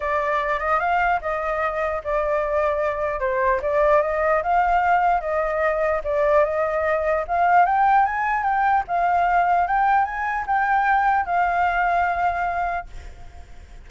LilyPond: \new Staff \with { instrumentName = "flute" } { \time 4/4 \tempo 4 = 149 d''4. dis''8 f''4 dis''4~ | dis''4 d''2. | c''4 d''4 dis''4 f''4~ | f''4 dis''2 d''4 |
dis''2 f''4 g''4 | gis''4 g''4 f''2 | g''4 gis''4 g''2 | f''1 | }